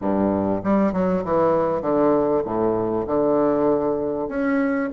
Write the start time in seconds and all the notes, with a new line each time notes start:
0.01 G2
0.63 G3
0.92 F#3
1.24 E3
1.81 D3
2.44 A2
3.06 D3
4.28 C#4